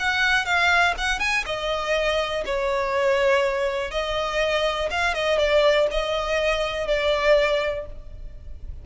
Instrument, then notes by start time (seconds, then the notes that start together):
violin
0.00 F#5
0.46 F5
0.98 F#5
1.20 G#5
1.46 D#5
2.46 C#5
3.91 D#5
4.91 F5
5.15 D#5
5.39 D5
5.91 D#5
6.88 D5